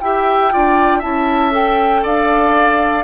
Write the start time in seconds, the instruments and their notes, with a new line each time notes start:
0.00 bassoon E4, clarinet G4, oboe E5, flute G5
0.52 bassoon D4, clarinet F4, oboe D5
0.99 bassoon C#4, clarinet E4, oboe E5, flute A5
1.51 clarinet A4, flute G5
2.03 bassoon D4, oboe D5, flute F5